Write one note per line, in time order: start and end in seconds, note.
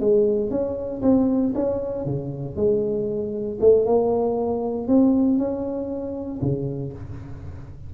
0.00 0.51 G#3
0.51 1.02 C#4
1.03 1.54 C4
1.55 2.05 C#4
2.05 2.56 C#3
2.56 3.59 G#3
3.61 3.86 A3
3.86 4.88 A#3
4.88 5.39 C4
5.39 6.41 C#4
6.42 6.93 C#3